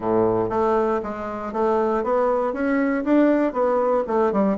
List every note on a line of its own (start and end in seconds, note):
0.00 0.49 A2
0.49 1.00 A3
1.02 1.52 G#3
1.52 2.03 A3
2.03 2.53 B3
2.53 3.03 C#4
3.04 3.52 D4
3.52 4.03 B3
4.07 4.32 A3
4.32 4.57 G3